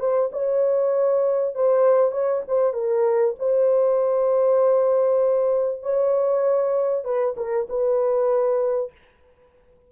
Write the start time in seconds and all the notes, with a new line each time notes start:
0.00 C5
0.33 C#5
1.55 C5
2.12 C#5
2.48 C5
2.74 A#4
3.39 C5
5.83 C#5
7.05 B4
7.37 A#4
7.69 B4